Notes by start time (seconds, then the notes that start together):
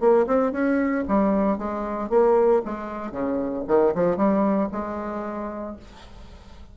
0.00 A#3
0.27 C4
0.52 C#4
1.08 G3
1.58 G#3
2.09 A#3
2.65 G#3
3.12 C#3
3.67 D#3
3.95 F3
4.17 G3
4.72 G#3